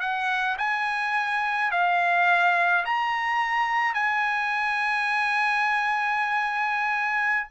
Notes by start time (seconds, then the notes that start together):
0.00 F#5
0.58 G#5
1.71 F5
2.85 A#5
3.94 G#5